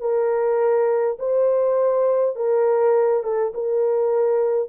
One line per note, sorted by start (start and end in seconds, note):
0.00 1.18 A#4
1.19 2.36 C5
2.36 3.24 A#4
3.24 3.53 A4
3.54 4.70 A#4